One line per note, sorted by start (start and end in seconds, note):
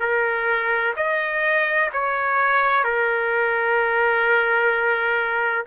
0.00 0.94 A#4
0.96 1.90 D#5
1.93 2.84 C#5
2.84 5.65 A#4